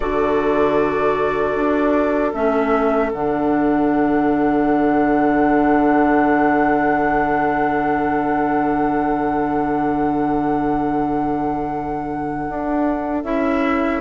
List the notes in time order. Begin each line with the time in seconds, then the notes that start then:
0.00 D3 F#4 A4 D5
1.55 D4
2.33 A3 C#4 E5
3.12 D3 D4 F#5
12.48 D4
13.23 C#4 E4 E5